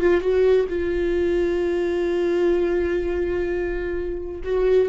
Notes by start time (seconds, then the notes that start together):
0.00 F4
0.21 F#4
0.69 F4
4.44 F#4